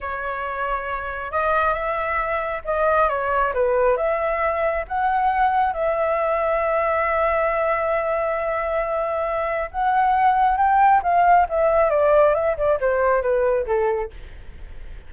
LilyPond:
\new Staff \with { instrumentName = "flute" } { \time 4/4 \tempo 4 = 136 cis''2. dis''4 | e''2 dis''4 cis''4 | b'4 e''2 fis''4~ | fis''4 e''2.~ |
e''1~ | e''2 fis''2 | g''4 f''4 e''4 d''4 | e''8 d''8 c''4 b'4 a'4 | }